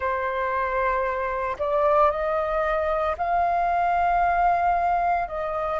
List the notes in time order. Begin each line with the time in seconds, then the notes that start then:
0.00 C5
1.58 D5
2.11 D#5
3.17 F5
5.27 D#5